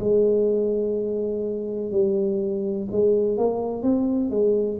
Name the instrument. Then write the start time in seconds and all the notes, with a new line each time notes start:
tuba
0.00 G#3
1.91 G3
2.92 G#3
3.37 A#3
3.83 C4
4.31 G#3